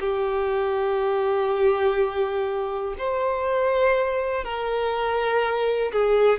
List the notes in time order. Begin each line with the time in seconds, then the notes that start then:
0.00 G4
2.98 C5
4.44 A#4
5.92 G#4